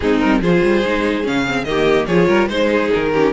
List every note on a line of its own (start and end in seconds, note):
0.00 0.22 G#3
0.00 0.42 C4
0.00 0.41 D#4
0.00 0.20 G#4
0.20 0.40 G3
0.20 0.40 A#4
0.40 0.61 F3
0.40 0.84 F4
0.40 1.66 G#4
0.40 1.26 C5
0.64 0.84 G3
0.84 1.27 G#3
0.84 1.23 D#4
1.23 1.63 C#3
1.23 1.44 C#4
1.23 1.64 F5
1.47 1.66 C4
1.63 2.05 D#3
1.63 2.08 A#3
1.63 2.07 G4
1.63 2.06 D#5
2.06 2.28 F3
2.06 2.49 F4
2.06 2.28 G#4
2.06 2.48 C#5
2.28 2.48 G3
2.28 2.48 A#4
2.48 2.90 G#3
2.48 3.11 D#4
2.48 2.69 C5
2.48 2.90 C5
2.70 3.12 G#4
2.93 3.32 D#3
2.93 3.32 A#4
3.13 3.32 C#4
3.13 3.32 G4